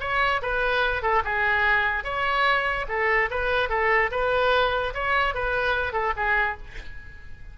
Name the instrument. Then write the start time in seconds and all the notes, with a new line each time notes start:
oboe
0.00 C#5
0.42 B4
1.02 A4
1.24 G#4
2.04 C#5
2.88 A4
3.30 B4
3.69 A4
4.11 B4
4.94 C#5
5.34 B4
5.93 A4
6.16 G#4